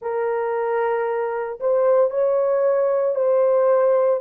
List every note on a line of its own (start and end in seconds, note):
0.01 1.59 A#4
1.60 2.10 C5
2.10 3.15 C#5
3.15 4.20 C5